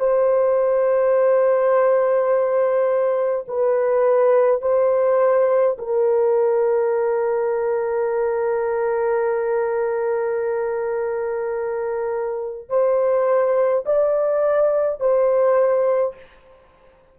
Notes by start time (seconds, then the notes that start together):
0.00 C5
3.48 B4
4.62 C5
5.78 A#4
12.69 C5
13.86 D5
15.01 C5